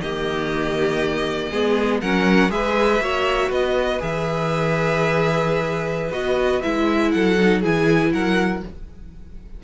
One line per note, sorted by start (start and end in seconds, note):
0.00 1.50 D#3
0.00 1.52 A#3
0.00 1.51 G4
0.00 2.01 D#5
1.51 2.02 G#3
1.51 2.02 B3
1.51 2.01 G#4
2.01 2.51 F#3
2.01 2.50 C#4
2.01 2.51 A#4
2.01 2.51 F#5
2.50 3.00 G#3
2.50 3.00 G#4
2.50 3.03 B4
2.50 3.51 E5
3.00 3.50 A#3
3.00 3.99 F#4
3.00 3.50 C#5
3.50 4.01 B3
3.50 7.12 B4
3.50 4.02 D#5
3.99 6.11 E3
3.99 6.12 G#4
3.99 6.12 E5
6.11 6.61 B3
6.11 6.62 F#4
6.11 6.62 D#5
6.62 7.14 G#3
6.62 7.38 E4
6.62 7.12 E5
7.12 7.64 F#3
7.12 7.61 A4
7.12 7.62 F#5
7.41 7.63 D#4
7.61 8.13 E3
7.61 8.63 E4
7.61 8.11 G#4
7.61 8.13 G#5
8.13 8.63 F#3
8.13 8.64 A#4
8.13 8.63 F#5